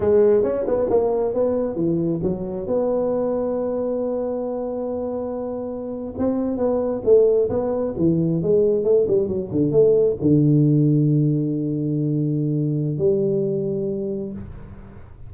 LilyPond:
\new Staff \with { instrumentName = "tuba" } { \time 4/4 \tempo 4 = 134 gis4 cis'8 b8 ais4 b4 | e4 fis4 b2~ | b1~ | b4.~ b16 c'4 b4 a16~ |
a8. b4 e4 gis4 a16~ | a16 g8 fis8 d8 a4 d4~ d16~ | d1~ | d4 g2. | }